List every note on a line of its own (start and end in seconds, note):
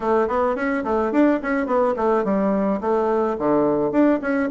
0.00 0.28 A3
0.28 0.55 B3
0.55 0.83 C#4
0.83 1.11 A3
1.12 1.40 D4
1.42 1.66 C#4
1.66 1.94 B3
1.96 2.24 A3
2.24 2.80 G3
2.80 3.36 A3
3.38 3.91 D3
3.91 4.19 D4
4.21 4.49 C#4